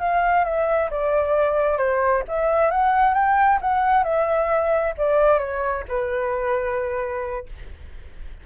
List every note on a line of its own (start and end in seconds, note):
0.00 0.45 F5
0.45 0.90 E5
0.91 1.78 D5
1.78 2.23 C5
2.28 2.71 E5
2.71 3.14 F#5
3.14 3.59 G5
3.62 4.04 F#5
4.04 4.94 E5
4.98 5.39 D5
5.39 5.84 C#5
5.89 7.47 B4